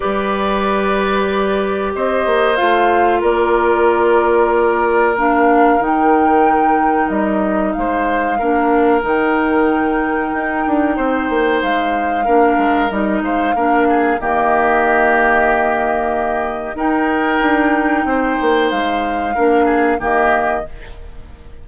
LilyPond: <<
  \new Staff \with { instrumentName = "flute" } { \time 4/4 \tempo 4 = 93 d''2. dis''4 | f''4 d''2. | f''4 g''2 dis''4 | f''2 g''2~ |
g''2 f''2 | dis''8 f''4. dis''2~ | dis''2 g''2~ | g''4 f''2 dis''4 | }
  \new Staff \with { instrumentName = "oboe" } { \time 4/4 b'2. c''4~ | c''4 ais'2.~ | ais'1 | c''4 ais'2.~ |
ais'4 c''2 ais'4~ | ais'8 c''8 ais'8 gis'8 g'2~ | g'2 ais'2 | c''2 ais'8 gis'8 g'4 | }
  \new Staff \with { instrumentName = "clarinet" } { \time 4/4 g'1 | f'1 | d'4 dis'2.~ | dis'4 d'4 dis'2~ |
dis'2. d'4 | dis'4 d'4 ais2~ | ais2 dis'2~ | dis'2 d'4 ais4 | }
  \new Staff \with { instrumentName = "bassoon" } { \time 4/4 g2. c'8 ais8 | a4 ais2.~ | ais4 dis2 g4 | gis4 ais4 dis2 |
dis'8 d'8 c'8 ais8 gis4 ais8 gis8 | g8 gis8 ais4 dis2~ | dis2 dis'4 d'4 | c'8 ais8 gis4 ais4 dis4 | }
>>